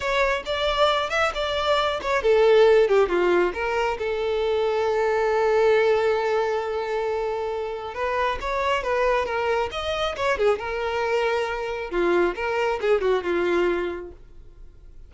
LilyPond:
\new Staff \with { instrumentName = "violin" } { \time 4/4 \tempo 4 = 136 cis''4 d''4. e''8 d''4~ | d''8 cis''8 a'4. g'8 f'4 | ais'4 a'2.~ | a'1~ |
a'2 b'4 cis''4 | b'4 ais'4 dis''4 cis''8 gis'8 | ais'2. f'4 | ais'4 gis'8 fis'8 f'2 | }